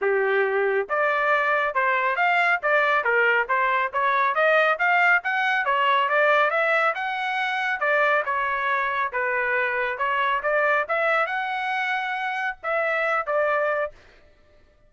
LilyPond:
\new Staff \with { instrumentName = "trumpet" } { \time 4/4 \tempo 4 = 138 g'2 d''2 | c''4 f''4 d''4 ais'4 | c''4 cis''4 dis''4 f''4 | fis''4 cis''4 d''4 e''4 |
fis''2 d''4 cis''4~ | cis''4 b'2 cis''4 | d''4 e''4 fis''2~ | fis''4 e''4. d''4. | }